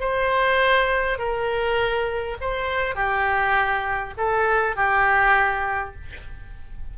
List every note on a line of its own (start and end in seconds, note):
0.00 1.19 C5
1.19 2.37 A#4
2.41 2.95 C5
2.95 4.14 G4
4.17 4.76 A4
4.76 5.95 G4